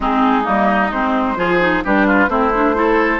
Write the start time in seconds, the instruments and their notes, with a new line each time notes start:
0.00 bassoon G#3, clarinet C4, oboe D#4, flute G#4
0.44 bassoon G3, clarinet A#3, flute D#5
0.92 bassoon G#3, clarinet C4, flute C5
1.36 bassoon F3, clarinet F4, oboe G#4
1.60 clarinet D#4
1.84 bassoon G3, clarinet D4, oboe G4, flute B4
2.06 oboe F4
2.28 bassoon A3, clarinet C4, oboe E4, flute C5
2.54 clarinet D4
2.74 clarinet E4, oboe A4